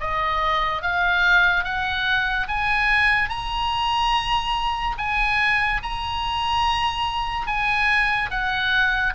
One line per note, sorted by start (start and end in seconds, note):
0.00 0.81 D#5
0.81 1.64 F5
1.64 2.47 F#5
2.48 3.29 G#5
3.29 4.96 A#5
4.98 5.81 G#5
5.83 7.46 A#5
7.46 8.30 G#5
8.30 9.13 F#5